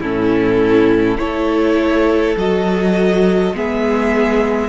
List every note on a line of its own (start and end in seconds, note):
0.00 1.18 A2
0.00 1.18 C#4
0.00 1.18 E4
0.00 1.18 A4
1.18 2.36 A3
1.18 2.36 E4
1.18 3.55 A4
1.18 2.35 C#5
2.37 3.53 F#3
2.37 3.55 F#4
2.37 3.56 D#5
3.53 4.69 G#3
3.53 4.69 B3
3.53 4.69 G#4
3.53 4.69 E5